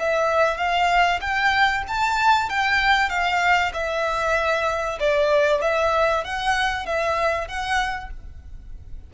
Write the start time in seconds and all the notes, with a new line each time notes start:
0.00 E5
0.58 F5
1.21 G5
1.88 A5
2.50 G5
3.10 F5
3.74 E5
5.00 D5
5.62 E5
6.25 F#5
6.86 E5
7.48 F#5